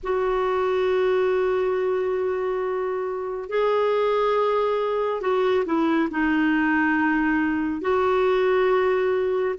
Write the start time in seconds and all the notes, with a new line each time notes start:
0.03 F#4
3.49 G#4
5.21 F#4
5.65 E4
6.10 D#4
7.81 F#4